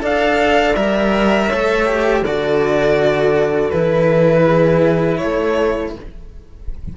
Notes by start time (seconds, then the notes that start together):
0.00 D4 A4 D5 F5
0.75 G3 A#4 E5
1.47 A3 C#5
1.53 A4
1.86 G4
2.22 D3 F#4 A4 D5
3.70 E3 E4 B4
4.45 G#4
5.17 A3 A4 C#5